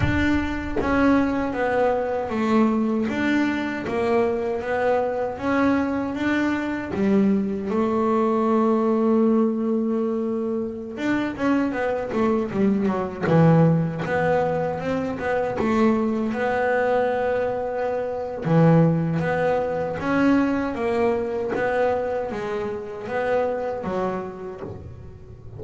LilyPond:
\new Staff \with { instrumentName = "double bass" } { \time 4/4 \tempo 4 = 78 d'4 cis'4 b4 a4 | d'4 ais4 b4 cis'4 | d'4 g4 a2~ | a2~ a16 d'8 cis'8 b8 a16~ |
a16 g8 fis8 e4 b4 c'8 b16~ | b16 a4 b2~ b8. | e4 b4 cis'4 ais4 | b4 gis4 b4 fis4 | }